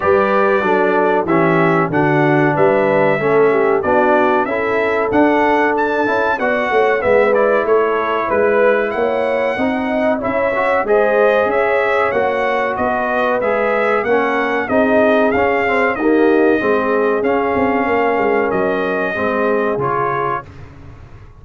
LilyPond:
<<
  \new Staff \with { instrumentName = "trumpet" } { \time 4/4 \tempo 4 = 94 d''2 e''4 fis''4 | e''2 d''4 e''4 | fis''4 a''4 fis''4 e''8 d''8 | cis''4 b'4 fis''2 |
e''4 dis''4 e''4 fis''4 | dis''4 e''4 fis''4 dis''4 | f''4 dis''2 f''4~ | f''4 dis''2 cis''4 | }
  \new Staff \with { instrumentName = "horn" } { \time 4/4 b'4 a'4 g'4 fis'4 | b'4 a'8 g'8 fis'4 a'4~ | a'2 d''8 cis''8 b'4 | a'4 b'4 cis''4 dis''4 |
cis''4 c''4 cis''2 | b'2 ais'4 gis'4~ | gis'4 g'4 gis'2 | ais'2 gis'2 | }
  \new Staff \with { instrumentName = "trombone" } { \time 4/4 g'4 d'4 cis'4 d'4~ | d'4 cis'4 d'4 e'4 | d'4. e'8 fis'4 b8 e'8~ | e'2. dis'4 |
e'8 fis'8 gis'2 fis'4~ | fis'4 gis'4 cis'4 dis'4 | cis'8 c'8 ais4 c'4 cis'4~ | cis'2 c'4 f'4 | }
  \new Staff \with { instrumentName = "tuba" } { \time 4/4 g4 fis4 e4 d4 | g4 a4 b4 cis'4 | d'4. cis'8 b8 a8 gis4 | a4 gis4 ais4 c'4 |
cis'4 gis4 cis'4 ais4 | b4 gis4 ais4 c'4 | cis'4 dis'4 gis4 cis'8 c'8 | ais8 gis8 fis4 gis4 cis4 | }
>>